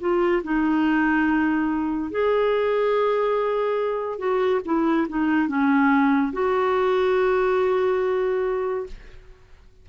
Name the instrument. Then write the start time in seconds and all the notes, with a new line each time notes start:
clarinet
0.00 F4
0.43 D#4
2.11 G#4
4.18 F#4
4.65 E4
5.09 D#4
5.48 C#4
6.33 F#4